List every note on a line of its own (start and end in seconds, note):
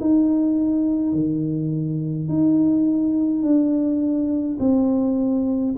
0.00 1.13 D#4
1.13 2.29 D#3
2.29 3.42 D#4
3.42 4.58 D4
4.59 5.75 C4